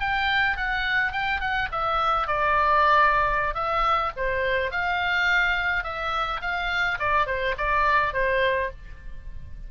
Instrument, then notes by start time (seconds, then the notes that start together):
oboe
0.00 G5
0.57 F#5
1.12 G5
1.40 F#5
1.72 E5
2.27 D5
3.54 E5
4.16 C5
4.71 F5
5.83 E5
6.41 F5
6.99 D5
7.26 C5
7.57 D5
8.13 C5